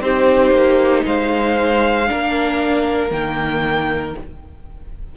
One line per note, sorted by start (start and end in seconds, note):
0.00 0.50 C4
0.00 2.06 D#4
0.00 1.05 G4
0.00 1.05 C5
0.50 1.02 A#3
1.05 2.09 G#3
1.05 2.08 C5
1.05 3.11 F5
2.06 3.10 A#3
2.06 3.10 D4
2.06 4.16 A#4
3.10 4.14 D#3
3.10 4.14 A#3
3.10 4.15 G5